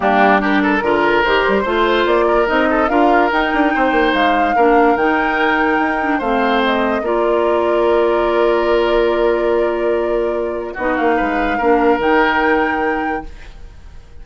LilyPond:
<<
  \new Staff \with { instrumentName = "flute" } { \time 4/4 \tempo 4 = 145 g'4 ais'2 c''4~ | c''4 d''4 dis''4 f''4 | g''2 f''2 | g''2. f''4 |
dis''4 d''2.~ | d''1~ | d''2 dis''8 f''4.~ | f''4 g''2. | }
  \new Staff \with { instrumentName = "oboe" } { \time 4/4 d'4 g'8 a'8 ais'2 | c''4. ais'4 a'8 ais'4~ | ais'4 c''2 ais'4~ | ais'2. c''4~ |
c''4 ais'2.~ | ais'1~ | ais'2 fis'4 b'4 | ais'1 | }
  \new Staff \with { instrumentName = "clarinet" } { \time 4/4 ais4 d'4 f'4 g'4 | f'2 dis'4 f'4 | dis'2. d'4 | dis'2~ dis'8 d'8 c'4~ |
c'4 f'2.~ | f'1~ | f'2 dis'2 | d'4 dis'2. | }
  \new Staff \with { instrumentName = "bassoon" } { \time 4/4 g2 d4 dis8 g8 | a4 ais4 c'4 d'4 | dis'8 d'8 c'8 ais8 gis4 ais4 | dis2 dis'4 a4~ |
a4 ais2.~ | ais1~ | ais2 b8 ais8 gis4 | ais4 dis2. | }
>>